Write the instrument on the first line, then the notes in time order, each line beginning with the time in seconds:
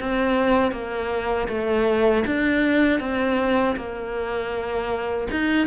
cello
0.00 C4
0.72 A#3
1.48 A3
2.26 D4
3.00 C4
3.76 A#3
5.31 D#4